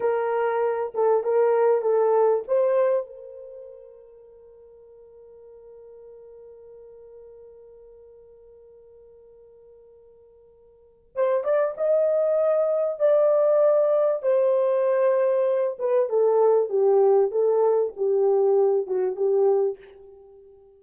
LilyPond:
\new Staff \with { instrumentName = "horn" } { \time 4/4 \tempo 4 = 97 ais'4. a'8 ais'4 a'4 | c''4 ais'2.~ | ais'1~ | ais'1~ |
ais'2 c''8 d''8 dis''4~ | dis''4 d''2 c''4~ | c''4. b'8 a'4 g'4 | a'4 g'4. fis'8 g'4 | }